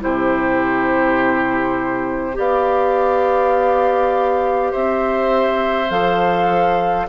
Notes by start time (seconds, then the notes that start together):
0.00 C3 E4 G4 C5
2.33 B3 G4 D5 F5
4.72 C4 C5 E5
5.90 F3 A4 F5